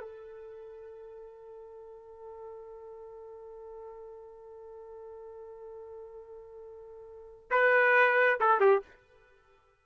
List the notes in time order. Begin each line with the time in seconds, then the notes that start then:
0.00 A4
7.50 B4
8.40 A4
8.60 G4